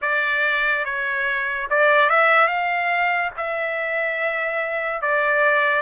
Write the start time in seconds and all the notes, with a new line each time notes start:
0.02 D5
0.84 C#5
1.70 D5
2.09 E5
2.47 F5
3.37 E5
5.01 D5